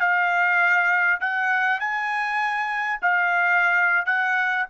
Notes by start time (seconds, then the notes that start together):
0.00 F5
1.21 F#5
1.80 G#5
3.02 F5
4.06 F#5